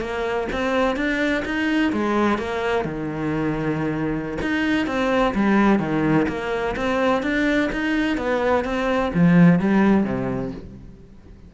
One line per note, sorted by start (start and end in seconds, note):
0.00 0.47 A#3
0.52 0.96 C4
0.96 1.43 D4
1.45 1.92 D#4
1.92 2.38 G#3
2.38 2.84 A#3
2.84 4.38 D#3
4.41 4.86 D#4
4.86 5.34 C4
5.34 5.79 G3
5.79 6.26 D#3
6.28 6.75 A#3
6.76 7.22 C4
7.22 7.69 D4
7.72 8.17 D#4
8.17 8.64 B3
8.64 9.12 C4
9.14 9.59 F3
9.59 10.04 G3
10.04 10.51 C3